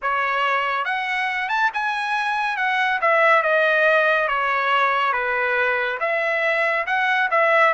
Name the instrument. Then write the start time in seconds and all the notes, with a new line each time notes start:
trumpet
0.02 C#5
0.84 F#5
1.48 A5
1.73 G#5
2.56 F#5
3.01 E5
3.42 D#5
4.28 C#5
5.12 B4
6.00 E5
6.86 F#5
7.31 E5